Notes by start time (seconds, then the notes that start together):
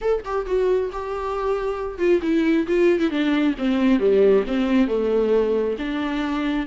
0.01 A4
0.24 G4
0.46 F#4
0.92 G4
1.98 F4
2.22 E4
2.67 F4
2.99 E4
3.10 D4
3.58 C4
3.99 G3
4.47 C4
4.87 A3
5.78 D4